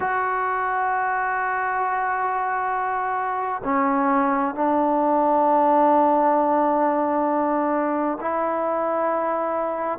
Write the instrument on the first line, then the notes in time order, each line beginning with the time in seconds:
trombone
0.00 F#4
3.64 C#4
4.55 D4
8.20 E4